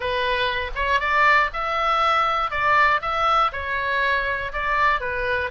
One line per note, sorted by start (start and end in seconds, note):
0.00 0.71 B4
0.75 1.00 C#5
1.00 1.50 D5
1.53 2.50 E5
2.50 3.00 D5
3.01 3.51 E5
3.52 4.52 C#5
4.52 5.00 D5
5.00 5.50 B4